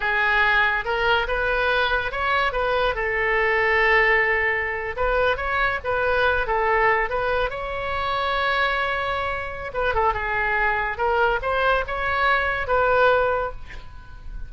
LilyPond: \new Staff \with { instrumentName = "oboe" } { \time 4/4 \tempo 4 = 142 gis'2 ais'4 b'4~ | b'4 cis''4 b'4 a'4~ | a'2.~ a'8. b'16~ | b'8. cis''4 b'4. a'8.~ |
a'8. b'4 cis''2~ cis''16~ | cis''2. b'8 a'8 | gis'2 ais'4 c''4 | cis''2 b'2 | }